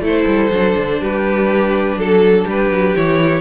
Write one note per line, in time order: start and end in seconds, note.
0.00 0.24 A3
0.00 0.50 E4
0.00 1.00 A4
0.07 1.02 C5
0.27 0.51 G3
0.51 0.76 F#3
0.51 2.96 D4
0.76 1.01 D3
1.00 1.96 G3
1.00 1.98 G4
1.00 1.99 B4
1.96 2.45 F#3
1.96 2.45 A4
1.96 2.48 A4
2.45 2.70 G3
2.45 3.41 G4
2.45 2.96 B4
2.70 2.94 F#3
2.96 3.41 E3
2.96 3.41 E4
2.96 3.41 C#5